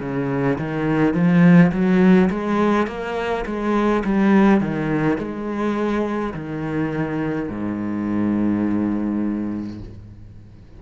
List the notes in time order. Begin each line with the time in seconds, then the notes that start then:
0.00 C#3
0.58 D#3
1.14 F3
1.72 F#3
2.30 G#3
2.87 A#3
3.46 G#3
4.05 G3
4.60 D#3
5.18 G#3
6.34 D#3
7.49 G#2